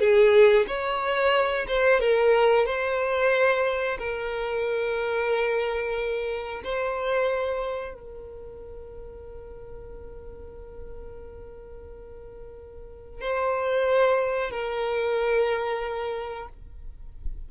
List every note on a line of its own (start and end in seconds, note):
0.00 0.66 G#4
0.67 1.66 C#5
1.68 2.00 C5
2.00 2.66 A#4
2.66 3.98 C5
3.99 6.62 A#4
6.64 7.94 C5
7.94 13.21 A#4
13.21 14.51 C5
14.51 16.49 A#4